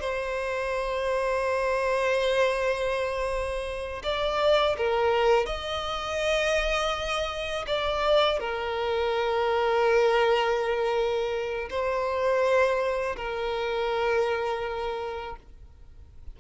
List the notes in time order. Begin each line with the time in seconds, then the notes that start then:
0.00 C5
4.03 D5
4.77 A#4
5.46 D#5
7.67 D5
8.39 A#4
11.70 C5
13.16 A#4